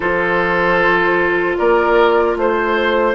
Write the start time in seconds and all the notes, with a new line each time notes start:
0.00 F3 F4 A4 C5
1.57 A#3 A#4 D5
2.36 A3 C5